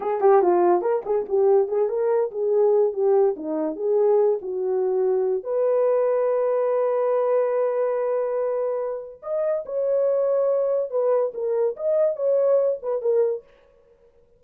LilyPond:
\new Staff \with { instrumentName = "horn" } { \time 4/4 \tempo 4 = 143 gis'8 g'8 f'4 ais'8 gis'8 g'4 | gis'8 ais'4 gis'4. g'4 | dis'4 gis'4. fis'4.~ | fis'4 b'2.~ |
b'1~ | b'2 dis''4 cis''4~ | cis''2 b'4 ais'4 | dis''4 cis''4. b'8 ais'4 | }